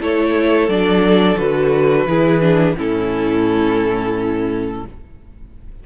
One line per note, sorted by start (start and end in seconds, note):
0.00 0.68 A3
0.00 0.69 E4
0.00 2.07 A4
0.00 0.69 C#5
0.68 1.37 F#3
0.68 1.37 D4
0.68 1.38 D5
1.37 2.06 D3
1.37 2.06 F#4
1.37 2.76 B4
2.06 2.75 E3
2.06 2.41 E4
2.06 2.77 G#4
2.41 2.75 D4
2.76 4.85 A2
2.76 4.83 C#4
2.76 4.84 E4
2.76 4.86 A4